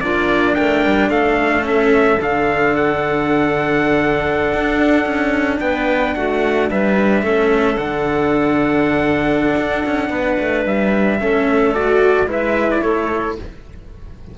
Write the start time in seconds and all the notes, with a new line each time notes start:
0.00 A#3 D4 F4 D5
0.54 A3 A#4 G5
0.85 G3
1.08 A3 A4 F5
1.62 C#4 E5
2.20 D3 D4 F5
2.75 F#5
4.54 D4
5.05 C#4
5.60 B3 B4 G5
6.14 A3 F#4 F#5
6.70 G3 B4 E5
7.22 A3 C#4 A4
7.77 D3 D4 F#5
9.57 D4
9.85 C#4
10.09 B3 B4
10.40 A3
10.65 G3 E5
11.19 A3 C#4 A4
11.74 F#4 D5
12.26 G#3 E4 B4 E5
12.71 D5
12.81 A3 A4 C#5